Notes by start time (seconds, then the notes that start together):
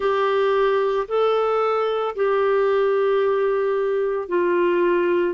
0.00 G4
1.08 A4
2.15 G4
4.28 F4